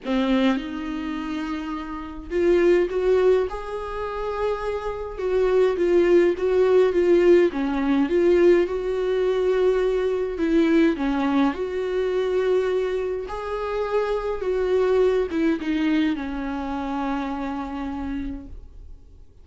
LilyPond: \new Staff \with { instrumentName = "viola" } { \time 4/4 \tempo 4 = 104 c'4 dis'2. | f'4 fis'4 gis'2~ | gis'4 fis'4 f'4 fis'4 | f'4 cis'4 f'4 fis'4~ |
fis'2 e'4 cis'4 | fis'2. gis'4~ | gis'4 fis'4. e'8 dis'4 | cis'1 | }